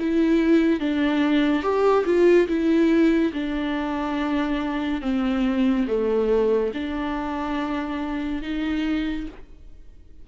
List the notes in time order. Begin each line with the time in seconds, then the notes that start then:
0.00 E4
0.80 D4
1.63 G4
2.06 F4
2.48 E4
3.33 D4
5.02 C4
5.88 A3
6.74 D4
8.43 D#4